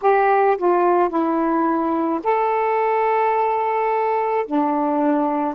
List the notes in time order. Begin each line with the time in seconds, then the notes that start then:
0.01 G4
0.57 F4
1.09 E4
2.23 A4
4.46 D4